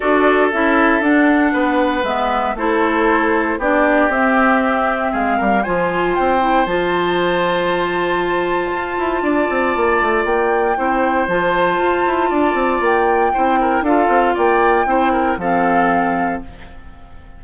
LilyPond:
<<
  \new Staff \with { instrumentName = "flute" } { \time 4/4 \tempo 4 = 117 d''4 e''4 fis''2 | e''4 c''2 d''4 | e''2 f''4 gis''4 | g''4 a''2.~ |
a''1 | g''2 a''2~ | a''4 g''2 f''4 | g''2 f''2 | }
  \new Staff \with { instrumentName = "oboe" } { \time 4/4 a'2. b'4~ | b'4 a'2 g'4~ | g'2 gis'8 ais'8 c''4~ | c''1~ |
c''2 d''2~ | d''4 c''2. | d''2 c''8 ais'8 a'4 | d''4 c''8 ais'8 a'2 | }
  \new Staff \with { instrumentName = "clarinet" } { \time 4/4 fis'4 e'4 d'2 | b4 e'2 d'4 | c'2. f'4~ | f'8 e'8 f'2.~ |
f'1~ | f'4 e'4 f'2~ | f'2 e'4 f'4~ | f'4 e'4 c'2 | }
  \new Staff \with { instrumentName = "bassoon" } { \time 4/4 d'4 cis'4 d'4 b4 | gis4 a2 b4 | c'2 gis8 g8 f4 | c'4 f2.~ |
f4 f'8 e'8 d'8 c'8 ais8 a8 | ais4 c'4 f4 f'8 e'8 | d'8 c'8 ais4 c'4 d'8 c'8 | ais4 c'4 f2 | }
>>